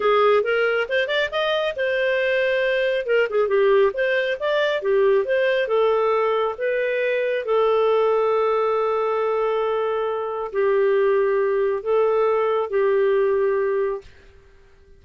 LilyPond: \new Staff \with { instrumentName = "clarinet" } { \time 4/4 \tempo 4 = 137 gis'4 ais'4 c''8 d''8 dis''4 | c''2. ais'8 gis'8 | g'4 c''4 d''4 g'4 | c''4 a'2 b'4~ |
b'4 a'2.~ | a'1 | g'2. a'4~ | a'4 g'2. | }